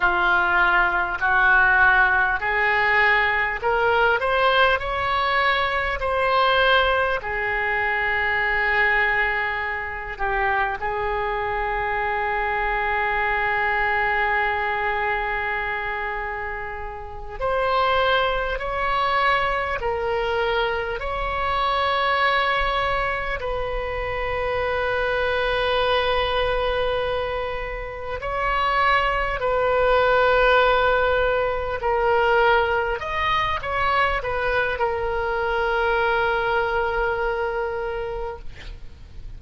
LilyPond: \new Staff \with { instrumentName = "oboe" } { \time 4/4 \tempo 4 = 50 f'4 fis'4 gis'4 ais'8 c''8 | cis''4 c''4 gis'2~ | gis'8 g'8 gis'2.~ | gis'2~ gis'8 c''4 cis''8~ |
cis''8 ais'4 cis''2 b'8~ | b'2.~ b'8 cis''8~ | cis''8 b'2 ais'4 dis''8 | cis''8 b'8 ais'2. | }